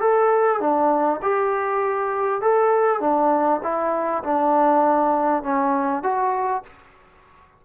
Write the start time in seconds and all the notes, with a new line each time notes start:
0.00 A4
0.60 D4
1.22 G4
2.41 A4
3.00 D4
3.63 E4
4.24 D4
5.43 C#4
6.03 F#4